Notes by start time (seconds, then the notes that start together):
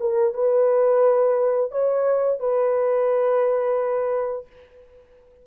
0.00 A#4
0.33 B4
1.71 C#5
2.39 B4